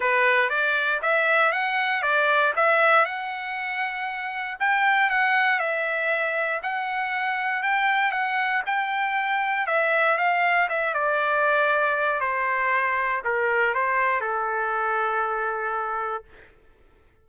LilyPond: \new Staff \with { instrumentName = "trumpet" } { \time 4/4 \tempo 4 = 118 b'4 d''4 e''4 fis''4 | d''4 e''4 fis''2~ | fis''4 g''4 fis''4 e''4~ | e''4 fis''2 g''4 |
fis''4 g''2 e''4 | f''4 e''8 d''2~ d''8 | c''2 ais'4 c''4 | a'1 | }